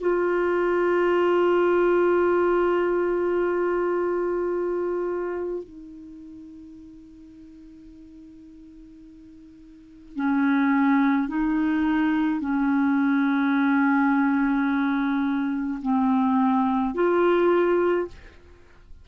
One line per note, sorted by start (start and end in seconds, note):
0.00 5.63 F4
5.63 10.15 D#4
10.15 11.27 C#4
11.27 12.40 D#4
12.40 15.80 C#4
15.81 16.94 C4
16.94 18.07 F4